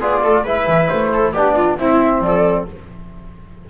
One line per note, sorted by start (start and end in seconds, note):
0.00 0.22 B3
0.00 0.45 F4
0.00 0.22 G#4
0.00 0.45 D5
0.22 0.44 A3
0.22 0.43 A4
0.43 0.66 G#3
0.43 1.34 E4
0.43 1.09 B4
0.43 0.88 E5
0.67 0.89 E3
0.88 1.33 A3
0.88 1.32 C5
1.13 1.32 A4
1.32 1.77 B3
1.32 1.79 D4
1.32 1.54 G4
1.32 1.77 D5
1.55 1.77 F4
1.78 2.20 C4
1.78 2.67 C4
1.78 2.23 E4
1.78 2.22 E5
2.20 2.64 F3
2.20 2.69 A4
2.20 2.66 D5